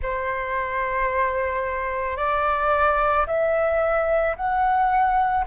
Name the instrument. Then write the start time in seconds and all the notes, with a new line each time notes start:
flute
0.02 C5
2.17 D5
3.27 E5
4.36 F#5